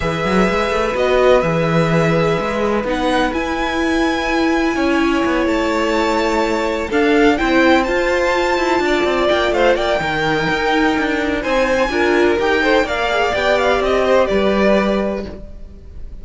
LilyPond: <<
  \new Staff \with { instrumentName = "violin" } { \time 4/4 \tempo 4 = 126 e''2 dis''4 e''4~ | e''2 fis''4 gis''4~ | gis''2.~ gis''8 a''8~ | a''2~ a''8 f''4 g''8~ |
g''8 a''2. g''8 | f''8 g''2.~ g''8 | gis''2 g''4 f''4 | g''8 f''8 dis''4 d''2 | }
  \new Staff \with { instrumentName = "violin" } { \time 4/4 b'1~ | b'1~ | b'2 cis''2~ | cis''2~ cis''8 a'4 c''8~ |
c''2~ c''8 d''4. | c''8 d''8 ais'2. | c''4 ais'4. c''8 d''4~ | d''4. c''8 b'2 | }
  \new Staff \with { instrumentName = "viola" } { \time 4/4 gis'2 fis'4 gis'4~ | gis'2 dis'4 e'4~ | e'1~ | e'2~ e'8 d'4 e'8~ |
e'8 f'2.~ f'8~ | f'4 dis'2.~ | dis'4 f'4 g'8 a'8 ais'8 gis'8 | g'1 | }
  \new Staff \with { instrumentName = "cello" } { \time 4/4 e8 fis8 gis8 a8 b4 e4~ | e4 gis4 b4 e'4~ | e'2 cis'4 b8 a8~ | a2~ a8 d'4 c'8~ |
c'8 f'4. e'8 d'8 c'8 ais8 | a8 ais8 dis4 dis'4 d'4 | c'4 d'4 dis'4 ais4 | b4 c'4 g2 | }
>>